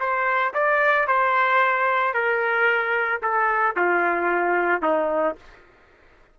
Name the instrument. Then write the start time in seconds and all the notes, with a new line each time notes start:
trumpet
0.00 C5
0.54 D5
1.07 C5
2.14 A#4
3.22 A4
3.76 F4
4.82 D#4